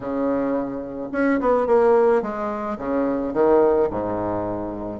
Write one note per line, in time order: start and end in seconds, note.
0.00 1.09 C#3
1.12 1.39 C#4
1.40 1.67 B3
1.67 2.22 A#3
2.22 2.77 G#3
2.78 3.33 C#3
3.33 3.89 D#3
3.90 5.00 G#2